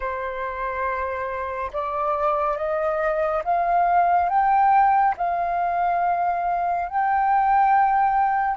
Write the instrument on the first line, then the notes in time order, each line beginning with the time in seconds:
flute
0.00 C5
1.72 D5
2.57 D#5
3.44 F5
4.29 G5
5.17 F5
6.88 G5